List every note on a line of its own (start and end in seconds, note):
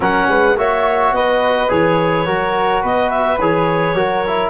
0.00 0.27 F#3
0.00 0.56 C#4
0.00 0.28 A#4
0.00 0.57 F#5
0.28 0.56 G#3
0.28 0.57 B4
0.56 1.12 A#3
0.56 1.68 F#4
0.56 1.14 C#5
0.56 1.14 E5
1.12 1.69 B3
1.12 2.26 B4
1.12 1.70 D#5
1.68 2.27 E3
1.68 2.25 G#4
1.68 2.83 C#5
2.25 2.83 F#3
2.25 3.39 F#4
2.25 2.82 A#4
2.82 3.39 B3
2.82 3.95 B4
2.82 3.10 D#5
3.10 3.38 E5
3.39 3.94 E3
3.39 3.95 G#4
3.39 4.50 C#5
3.94 4.50 F#3
3.94 4.24 F#4
3.94 4.50 A#4
4.27 4.50 E4